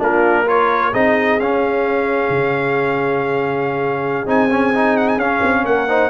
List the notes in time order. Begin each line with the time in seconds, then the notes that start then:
0.00 A#3 D4 F4 A#4
0.43 F4 A#4 C#5
0.91 C4 D#4 G#4 D#5
1.40 C#4 F5
2.30 C#3
4.26 C4 D#4 G#5
4.51 C#4
4.74 D#4
4.97 F#5
5.08 G#5
5.17 C#4 F5
5.43 C4
5.64 A#3 A#4 F#5
5.88 D#4 C5